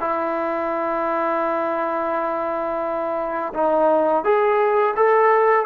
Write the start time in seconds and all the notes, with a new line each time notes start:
0.00 E4
3.54 D#4
4.24 G#4
4.96 A4